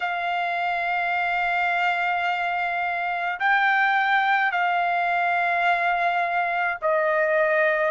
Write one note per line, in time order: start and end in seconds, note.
0.00 3.39 F5
3.39 4.51 G5
4.51 6.78 F5
6.81 7.91 D#5